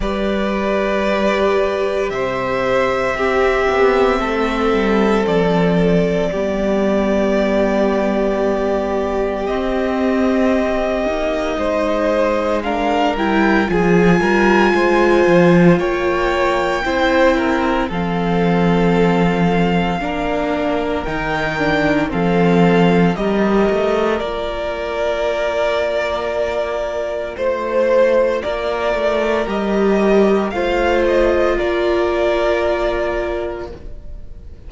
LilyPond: <<
  \new Staff \with { instrumentName = "violin" } { \time 4/4 \tempo 4 = 57 d''2 e''2~ | e''4 d''2.~ | d''4 dis''2. | f''8 g''8 gis''2 g''4~ |
g''4 f''2. | g''4 f''4 dis''4 d''4~ | d''2 c''4 d''4 | dis''4 f''8 dis''8 d''2 | }
  \new Staff \with { instrumentName = "violin" } { \time 4/4 b'2 c''4 g'4 | a'2 g'2~ | g'2. c''4 | ais'4 gis'8 ais'8 c''4 cis''4 |
c''8 ais'8 a'2 ais'4~ | ais'4 a'4 ais'2~ | ais'2 c''4 ais'4~ | ais'4 c''4 ais'2 | }
  \new Staff \with { instrumentName = "viola" } { \time 4/4 g'2. c'4~ | c'2 b2~ | b4 c'4. dis'4. | d'8 e'8 f'2. |
e'4 c'2 d'4 | dis'8 d'8 c'4 g'4 f'4~ | f'1 | g'4 f'2. | }
  \new Staff \with { instrumentName = "cello" } { \time 4/4 g2 c4 c'8 b8 | a8 g8 f4 g2~ | g4 c'4. ais8 gis4~ | gis8 g8 f8 g8 gis8 f8 ais4 |
c'4 f2 ais4 | dis4 f4 g8 a8 ais4~ | ais2 a4 ais8 a8 | g4 a4 ais2 | }
>>